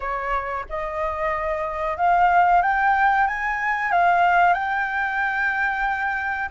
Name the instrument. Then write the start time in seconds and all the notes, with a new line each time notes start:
flute
0.00 C#5
0.69 D#5
1.97 F5
2.61 G5
3.27 G#5
3.91 F5
4.53 G5